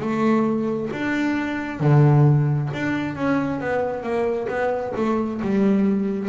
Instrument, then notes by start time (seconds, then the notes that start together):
double bass
0.00 A3
0.93 D4
1.80 D3
2.74 D4
3.16 C#4
3.60 B3
4.03 A#3
4.48 B3
4.96 A3
5.42 G3